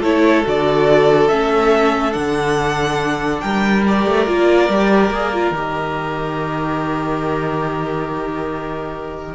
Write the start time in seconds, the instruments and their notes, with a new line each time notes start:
0.00 cello A3, viola E4, violin A4 C#5
0.43 cello D3, viola F#4, violin D5
1.27 cello A3, viola C#4, violin E5
2.12 cello D3, viola D4, violin F#5
3.40 cello G3, violin A#4 G5
3.87 viola G4, violin D5
4.06 cello A3
4.26 cello A#3, viola F4
4.69 cello G3, viola G4
5.10 cello A#3, viola G#4
5.33 viola F4
5.50 cello D#3, viola G4, violin D#5